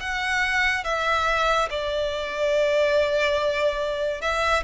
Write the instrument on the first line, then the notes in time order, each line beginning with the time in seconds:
violin
0.00 F#5
0.84 E5
1.70 D5
4.21 E5